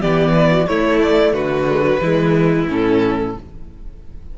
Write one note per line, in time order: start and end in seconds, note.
0.00 0.68 E3
0.00 0.67 B3
0.00 0.33 G4
0.00 0.67 D5
0.34 0.50 B4
0.51 0.68 F#4
0.67 1.68 A3
0.67 1.33 A3
0.67 1.34 E4
0.67 1.01 C#5
1.03 1.34 D5
1.33 1.99 D3
1.33 2.01 F#4
1.33 2.67 B4
1.71 1.83 G#3
1.83 1.99 F#3
2.01 2.67 E3
2.01 2.69 G#3
2.01 3.35 E4
2.68 3.35 A2
2.68 3.36 C#4
2.68 3.38 A4